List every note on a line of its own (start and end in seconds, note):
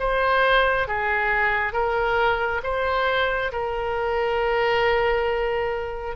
0.00 0.88 C5
0.88 1.73 G#4
1.73 2.61 A#4
2.64 3.52 C5
3.53 6.16 A#4